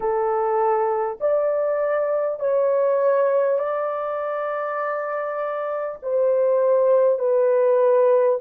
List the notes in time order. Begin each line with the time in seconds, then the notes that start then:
0.00 A4
1.20 D5
2.39 C#5
3.58 D5
6.02 C5
7.18 B4